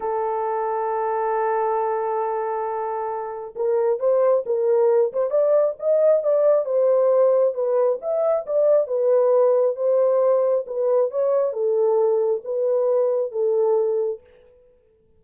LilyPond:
\new Staff \with { instrumentName = "horn" } { \time 4/4 \tempo 4 = 135 a'1~ | a'1 | ais'4 c''4 ais'4. c''8 | d''4 dis''4 d''4 c''4~ |
c''4 b'4 e''4 d''4 | b'2 c''2 | b'4 cis''4 a'2 | b'2 a'2 | }